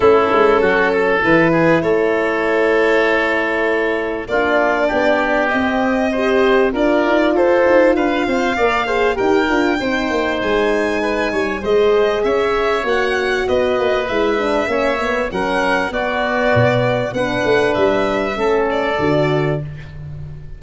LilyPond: <<
  \new Staff \with { instrumentName = "violin" } { \time 4/4 \tempo 4 = 98 a'2 b'4 cis''4~ | cis''2. d''4~ | d''4 dis''2 d''4 | c''4 f''2 g''4~ |
g''4 gis''2 dis''4 | e''4 fis''4 dis''4 e''4~ | e''4 fis''4 d''2 | fis''4 e''4. d''4. | }
  \new Staff \with { instrumentName = "oboe" } { \time 4/4 e'4 fis'8 a'4 gis'8 a'4~ | a'2. f'4 | g'2 c''4 ais'4 | a'4 b'8 c''8 d''8 c''8 ais'4 |
c''2 b'8 cis''8 c''4 | cis''2 b'2 | cis''4 ais'4 fis'2 | b'2 a'2 | }
  \new Staff \with { instrumentName = "horn" } { \time 4/4 cis'2 e'2~ | e'2. d'4~ | d'4 c'4 g'4 f'4~ | f'2 ais'8 gis'8 g'8 f'8 |
dis'2. gis'4~ | gis'4 fis'2 e'8 d'8 | cis'8 b8 cis'4 b2 | d'2 cis'4 fis'4 | }
  \new Staff \with { instrumentName = "tuba" } { \time 4/4 a8 gis8 fis4 e4 a4~ | a2. ais4 | b4 c'2 d'8 dis'8 | f'8 dis'8 d'8 c'8 ais4 dis'8 d'8 |
c'8 ais8 gis4. g8 gis4 | cis'4 ais4 b8 ais8 gis4 | ais4 fis4 b4 b,4 | b8 a8 g4 a4 d4 | }
>>